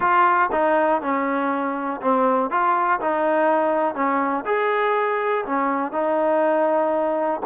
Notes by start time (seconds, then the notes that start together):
0.00 F4
0.52 D#4
1.01 C#4
2.01 C4
2.50 F4
3.00 D#4
3.94 C#4
4.45 G#4
5.45 C#4
5.92 D#4